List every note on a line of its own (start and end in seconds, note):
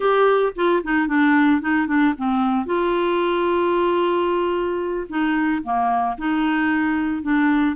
0.00 0.52 G4
0.55 0.82 F4
0.83 1.07 D#4
1.07 1.61 D4
1.61 1.87 D#4
1.87 2.14 D4
2.17 2.66 C4
2.66 5.07 F4
5.09 5.62 D#4
5.62 6.16 A#3
6.18 7.22 D#4
7.22 7.76 D4